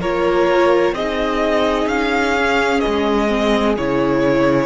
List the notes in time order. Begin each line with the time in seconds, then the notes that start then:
0.00 A#3 F4 A#4 C#5
0.92 C4 D#4 G#4 D#5
1.86 C#4 F5
2.37 C#4
2.79 D#5
2.86 G#3
3.28 C4
3.77 C#3 E4 C#5